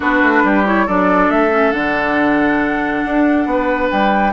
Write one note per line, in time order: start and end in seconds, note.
0.00 0.21 B3
0.00 0.65 D4
0.00 0.43 F#4
0.00 0.66 B4
0.22 0.43 A3
0.43 0.87 G3
0.43 0.86 G4
0.65 0.87 E4
0.65 0.88 C#5
0.86 1.29 F#3
0.86 1.50 D4
0.86 3.47 A4
0.86 1.30 D5
1.29 1.73 A3
1.29 1.71 E5
1.50 1.71 C#4
1.71 3.04 D3
1.71 4.32 D4
1.71 3.89 F#5
3.05 3.45 D4
3.45 3.89 B3
3.45 4.33 B4
3.90 4.33 G3
3.90 4.33 G5